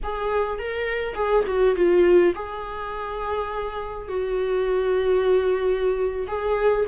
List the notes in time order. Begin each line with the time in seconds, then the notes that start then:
0.03 G#4
0.58 A#4
1.14 G#4
1.46 F#4
1.75 F4
2.35 G#4
4.08 F#4
6.27 G#4